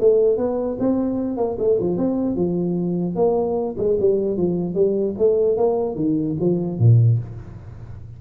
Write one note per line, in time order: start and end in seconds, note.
0.00 0.37 A3
0.37 0.77 B3
0.79 1.37 C4
1.37 1.57 A#3
1.59 1.79 A3
1.80 1.97 F3
1.97 2.36 C4
2.36 3.15 F3
3.15 3.75 A#3
3.77 3.97 G#3
4.00 4.37 G3
4.37 4.75 F3
4.75 5.15 G3
5.19 5.57 A3
5.57 5.95 A#3
5.95 6.35 D#3
6.40 6.79 F3
6.79 7.19 A#2